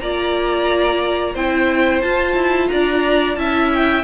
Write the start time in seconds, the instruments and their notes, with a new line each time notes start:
0.00 cello A#3, viola F4, violin D5 A#5
1.33 cello C4, viola E4, violin C5 G5
2.01 viola F4, cello F4, violin A5
2.35 cello E4
2.68 cello D4, violin D5 A#5
3.35 cello C#4, viola E4, violin E5 A5
3.73 violin G5